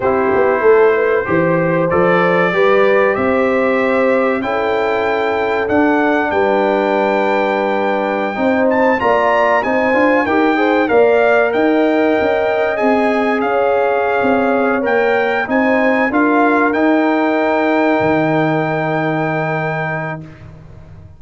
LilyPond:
<<
  \new Staff \with { instrumentName = "trumpet" } { \time 4/4 \tempo 4 = 95 c''2. d''4~ | d''4 e''2 g''4~ | g''4 fis''4 g''2~ | g''4.~ g''16 a''8 ais''4 gis''8.~ |
gis''16 g''4 f''4 g''4.~ g''16~ | g''16 gis''4 f''2~ f''16 g''8~ | g''8 gis''4 f''4 g''4.~ | g''1 | }
  \new Staff \with { instrumentName = "horn" } { \time 4/4 g'4 a'8 b'8 c''2 | b'4 c''2 a'4~ | a'2 b'2~ | b'4~ b'16 c''4 d''4 c''8.~ |
c''16 ais'8 c''8 d''4 dis''4.~ dis''16~ | dis''4~ dis''16 cis''2~ cis''8.~ | cis''8 c''4 ais'2~ ais'8~ | ais'1 | }
  \new Staff \with { instrumentName = "trombone" } { \time 4/4 e'2 g'4 a'4 | g'2. e'4~ | e'4 d'2.~ | d'4~ d'16 dis'4 f'4 dis'8 f'16~ |
f'16 g'8 gis'8 ais'2~ ais'8.~ | ais'16 gis'2.~ gis'16 ais'8~ | ais'8 dis'4 f'4 dis'4.~ | dis'1 | }
  \new Staff \with { instrumentName = "tuba" } { \time 4/4 c'8 b8 a4 e4 f4 | g4 c'2 cis'4~ | cis'4 d'4 g2~ | g4~ g16 c'4 ais4 c'8 d'16~ |
d'16 dis'4 ais4 dis'4 cis'8.~ | cis'16 c'4 cis'4~ cis'16 c'4 ais8~ | ais8 c'4 d'4 dis'4.~ | dis'8 dis2.~ dis8 | }
>>